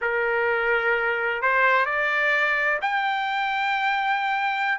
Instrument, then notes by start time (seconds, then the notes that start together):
trumpet
0.01 A#4
1.41 C5
1.85 D5
2.81 G5